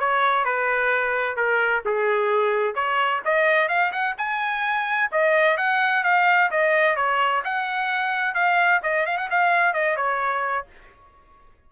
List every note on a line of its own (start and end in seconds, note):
0.00 0.45 C#5
0.45 1.36 B4
1.36 1.83 A#4
1.85 2.75 G#4
2.75 3.21 C#5
3.25 3.69 D#5
3.69 3.92 F5
3.92 4.15 F#5
4.18 5.11 G#5
5.12 5.57 D#5
5.57 6.04 F#5
6.04 6.50 F5
6.51 6.96 D#5
6.96 7.42 C#5
7.45 8.34 F#5
8.34 8.81 F5
8.83 9.06 D#5
9.06 9.18 F5
9.18 9.29 F#5
9.30 9.74 F5
9.74 9.97 D#5
9.97 10.66 C#5